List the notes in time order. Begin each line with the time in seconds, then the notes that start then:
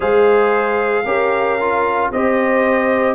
0.00 G#3 G#4 C5 F5
1.04 C#4 G4 A#4
1.60 F4
2.11 C4 G4 C5 D#5